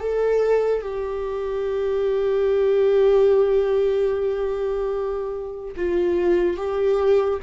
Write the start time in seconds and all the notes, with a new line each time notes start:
0.00 A4
0.82 G4
5.76 F4
6.57 G4